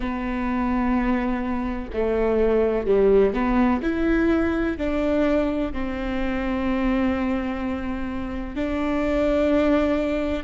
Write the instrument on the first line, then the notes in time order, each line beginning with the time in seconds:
viola
0.00 B3
1.93 A3
2.86 G3
3.33 B3
3.82 E4
4.77 D4
5.72 C4
8.55 D4